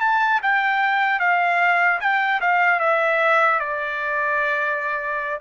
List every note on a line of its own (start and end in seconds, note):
0.00 0.40 A5
0.42 1.19 G5
1.19 1.99 F5
2.00 2.40 G5
2.40 2.79 F5
2.79 3.59 E5
3.59 5.39 D5